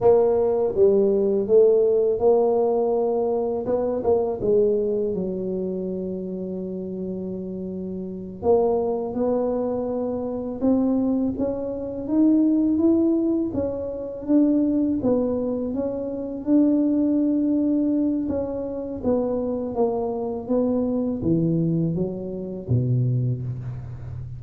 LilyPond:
\new Staff \with { instrumentName = "tuba" } { \time 4/4 \tempo 4 = 82 ais4 g4 a4 ais4~ | ais4 b8 ais8 gis4 fis4~ | fis2.~ fis8 ais8~ | ais8 b2 c'4 cis'8~ |
cis'8 dis'4 e'4 cis'4 d'8~ | d'8 b4 cis'4 d'4.~ | d'4 cis'4 b4 ais4 | b4 e4 fis4 b,4 | }